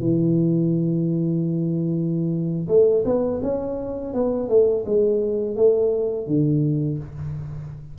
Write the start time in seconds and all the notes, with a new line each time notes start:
0.00 E3
2.68 A3
3.05 B3
3.43 C#4
4.14 B3
4.49 A3
4.86 G#3
5.56 A3
6.27 D3